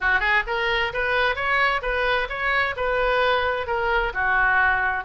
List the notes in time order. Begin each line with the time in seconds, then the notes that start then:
0.00 F#4
0.20 G#4
0.47 A#4
0.93 B4
1.35 C#5
1.82 B4
2.29 C#5
2.76 B4
3.66 A#4
4.13 F#4